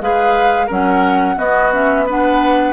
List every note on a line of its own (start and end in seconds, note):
0.00 0.68 G#3
0.00 0.69 G#4
0.00 0.66 B4
0.00 0.69 F5
0.66 1.37 F#3
0.66 1.36 C#4
0.66 1.34 A#4
0.66 1.38 F#5
1.36 1.70 B3
1.36 2.73 B3
1.36 2.05 F#4
1.36 1.72 D#5
1.72 2.06 C#4
1.72 2.07 E5
2.06 2.73 D4
2.06 2.73 B4
2.06 2.73 F#5